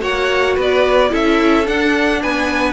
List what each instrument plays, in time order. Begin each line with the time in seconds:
0.00 cello A#3, viola F#4, violin C#5 F#5
0.56 cello B3, violin B4 D5
1.10 cello C#4, viola E4, violin A4 E5
1.65 viola D4, cello D4, violin F#5
2.23 cello B3, violin B4 G#5